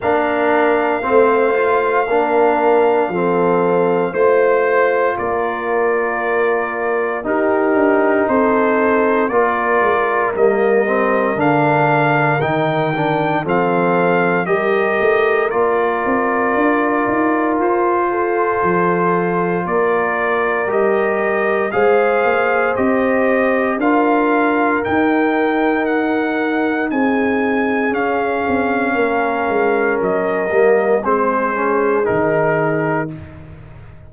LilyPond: <<
  \new Staff \with { instrumentName = "trumpet" } { \time 4/4 \tempo 4 = 58 f''1 | c''4 d''2 ais'4 | c''4 d''4 dis''4 f''4 | g''4 f''4 dis''4 d''4~ |
d''4 c''2 d''4 | dis''4 f''4 dis''4 f''4 | g''4 fis''4 gis''4 f''4~ | f''4 dis''4 c''4 ais'4 | }
  \new Staff \with { instrumentName = "horn" } { \time 4/4 ais'4 c''4 ais'4 a'4 | c''4 ais'2 g'4 | a'4 ais'2.~ | ais'4 a'4 ais'2~ |
ais'4. a'4. ais'4~ | ais'4 c''2 ais'4~ | ais'2 gis'2 | ais'2 gis'2 | }
  \new Staff \with { instrumentName = "trombone" } { \time 4/4 d'4 c'8 f'8 d'4 c'4 | f'2. dis'4~ | dis'4 f'4 ais8 c'8 d'4 | dis'8 d'8 c'4 g'4 f'4~ |
f'1 | g'4 gis'4 g'4 f'4 | dis'2. cis'4~ | cis'4. ais8 c'8 cis'8 dis'4 | }
  \new Staff \with { instrumentName = "tuba" } { \time 4/4 ais4 a4 ais4 f4 | a4 ais2 dis'8 d'8 | c'4 ais8 gis8 g4 d4 | dis4 f4 g8 a8 ais8 c'8 |
d'8 dis'8 f'4 f4 ais4 | g4 gis8 ais8 c'4 d'4 | dis'2 c'4 cis'8 c'8 | ais8 gis8 fis8 g8 gis4 dis4 | }
>>